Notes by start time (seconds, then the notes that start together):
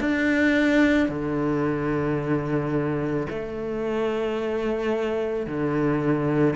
0.00 D4
1.09 D3
3.30 A3
5.46 D3